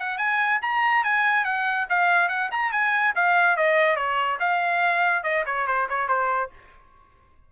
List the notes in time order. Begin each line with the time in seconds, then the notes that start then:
0.00 F#5
0.18 G#5
0.62 A#5
1.05 G#5
1.45 F#5
1.90 F5
2.29 F#5
2.52 A#5
2.72 G#5
3.16 F5
3.57 D#5
3.97 C#5
4.40 F5
5.24 D#5
5.46 C#5
5.67 C5
5.90 C#5
6.09 C5